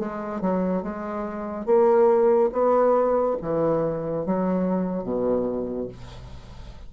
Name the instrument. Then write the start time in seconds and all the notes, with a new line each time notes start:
bassoon
0.00 G#3
0.41 F#3
0.83 G#3
1.66 A#3
2.52 B3
3.42 E3
4.26 F#3
5.04 B2